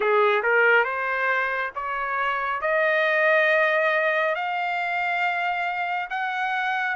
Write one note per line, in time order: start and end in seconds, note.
0.00 0.42 G#4
0.42 0.84 A#4
0.84 1.71 C5
1.75 2.61 C#5
2.61 4.35 D#5
4.35 6.09 F5
6.10 6.96 F#5